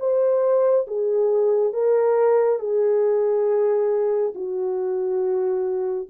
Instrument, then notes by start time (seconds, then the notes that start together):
horn
0.00 C5
0.88 G#4
1.74 A#4
2.60 G#4
4.35 F#4